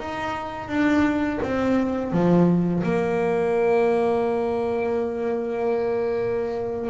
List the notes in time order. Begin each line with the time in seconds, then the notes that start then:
0.00 D#4
0.69 D4
1.43 C4
2.13 F3
2.84 A#3